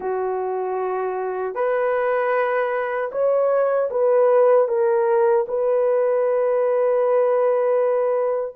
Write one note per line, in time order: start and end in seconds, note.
0.00 1.54 F#4
1.54 3.10 B4
3.11 3.89 C#5
3.90 4.68 B4
4.68 5.45 A#4
5.48 8.55 B4